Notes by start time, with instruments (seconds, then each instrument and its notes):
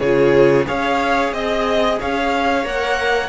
0.00 cello C#3, viola F4, violin G#4 C#5
0.66 cello C#4, viola G#4, violin C#5 F5
1.33 cello C4, violin D#5
2.00 cello C#4, violin C#5 F5
2.64 cello A#3, viola A#4, violin F#5